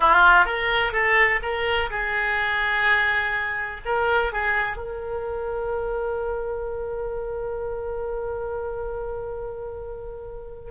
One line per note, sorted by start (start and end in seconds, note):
0.00 0.45 F4
0.45 0.92 A#4
0.92 1.40 A4
1.42 1.90 A#4
1.90 3.80 G#4
3.85 4.32 A#4
4.32 4.76 G#4
4.76 10.71 A#4